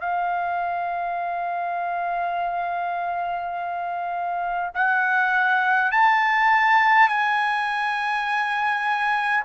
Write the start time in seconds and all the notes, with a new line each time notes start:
0.00 F5
4.74 F#5
5.91 A5
7.09 G#5